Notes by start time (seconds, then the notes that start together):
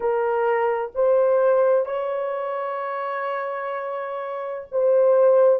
0.00 A#4
0.94 C5
1.85 C#5
4.71 C5